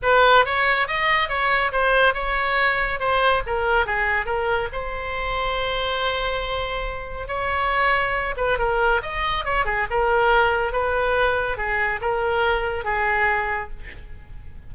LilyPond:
\new Staff \with { instrumentName = "oboe" } { \time 4/4 \tempo 4 = 140 b'4 cis''4 dis''4 cis''4 | c''4 cis''2 c''4 | ais'4 gis'4 ais'4 c''4~ | c''1~ |
c''4 cis''2~ cis''8 b'8 | ais'4 dis''4 cis''8 gis'8 ais'4~ | ais'4 b'2 gis'4 | ais'2 gis'2 | }